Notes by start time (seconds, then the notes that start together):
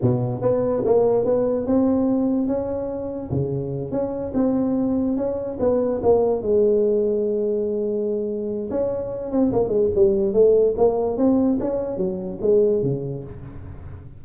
0.01 B2
0.41 B3
0.85 A#3
1.25 B3
1.66 C4
2.47 C#4
3.30 C#3
3.91 C#4
4.34 C4
5.16 C#4
5.59 B3
6.02 A#3
6.42 G#3
8.70 C#4
9.31 C4
9.52 A#3
9.68 G#3
9.95 G3
10.33 A3
10.77 A#3
11.17 C4
11.60 C#4
11.97 F#3
12.41 G#3
12.82 C#3